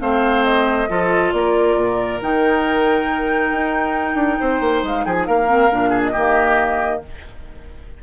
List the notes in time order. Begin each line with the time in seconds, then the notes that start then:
0.00 A3 C4 C5 F5
0.44 D#5
0.88 F3 F4 A4
1.32 A#3 A#4 D5
1.76 A#2
2.21 D#3 D#4 G5
3.52 D#4
4.14 D4
4.39 C4 C5
4.60 A#3
4.83 G#3 F5
5.05 F3 G#4 G5
5.13 G#5
5.26 A#3 A#4 F5
5.47 C4
5.70 A#2 D4
5.89 G#4
6.04 D#5
6.12 D#3 A#3 G4